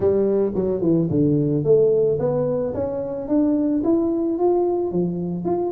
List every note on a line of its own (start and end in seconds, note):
0.00 0.52 G3
0.55 0.81 F#3
0.81 1.08 E3
1.10 1.63 D3
1.63 2.18 A3
2.19 2.73 B3
2.73 3.28 C#4
3.28 3.82 D4
3.84 4.38 E4
4.38 4.91 F4
4.91 5.44 F3
5.44 5.71 F4